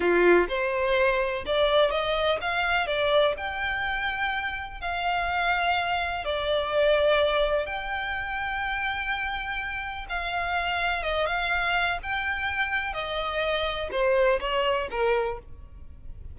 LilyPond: \new Staff \with { instrumentName = "violin" } { \time 4/4 \tempo 4 = 125 f'4 c''2 d''4 | dis''4 f''4 d''4 g''4~ | g''2 f''2~ | f''4 d''2. |
g''1~ | g''4 f''2 dis''8 f''8~ | f''4 g''2 dis''4~ | dis''4 c''4 cis''4 ais'4 | }